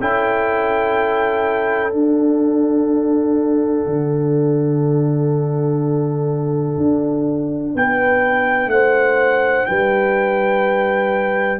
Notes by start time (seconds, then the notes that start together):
0.00 C#4 E4 A4 G5
1.91 D4 F#5
3.86 D3
6.77 D4
7.74 B3 B4 G5
8.67 A3 C5 F#5
9.66 G3 B4 G5